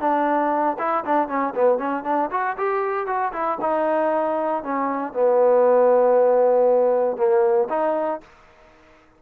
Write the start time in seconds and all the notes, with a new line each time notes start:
0.00 D4
0.78 E4
1.04 D4
1.28 C#4
1.55 B3
1.78 C#4
2.04 D4
2.31 F#4
2.57 G4
3.06 F#4
3.32 E4
3.61 D#4
4.63 C#4
5.13 B3
7.17 A#3
7.69 D#4